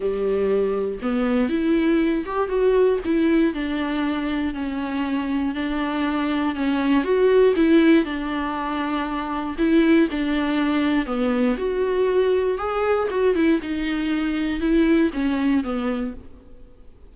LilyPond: \new Staff \with { instrumentName = "viola" } { \time 4/4 \tempo 4 = 119 g2 b4 e'4~ | e'8 g'8 fis'4 e'4 d'4~ | d'4 cis'2 d'4~ | d'4 cis'4 fis'4 e'4 |
d'2. e'4 | d'2 b4 fis'4~ | fis'4 gis'4 fis'8 e'8 dis'4~ | dis'4 e'4 cis'4 b4 | }